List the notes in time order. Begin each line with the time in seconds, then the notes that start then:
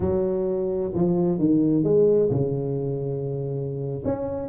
0.00 F#3
0.94 F3
1.38 D#3
1.83 G#3
2.30 C#3
4.04 C#4